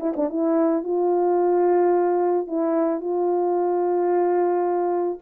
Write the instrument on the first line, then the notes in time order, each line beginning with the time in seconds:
horn
0.00 E4
0.17 D4
0.29 E4
0.84 F4
2.47 E4
3.01 F4